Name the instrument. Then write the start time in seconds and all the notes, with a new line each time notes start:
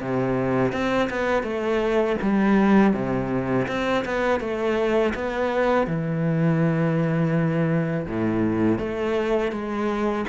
cello
0.00 C3
0.72 C4
1.10 B3
1.43 A3
2.22 G3
2.93 C3
3.68 C4
4.05 B3
4.40 A3
5.15 B3
5.87 E3
8.07 A2
8.79 A3
9.52 G#3